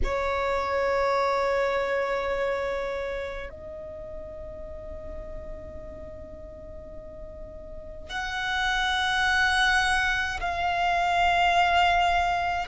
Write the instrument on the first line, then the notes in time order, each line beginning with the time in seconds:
violin
0.03 C#5
3.49 D#5
8.09 F#5
10.40 F5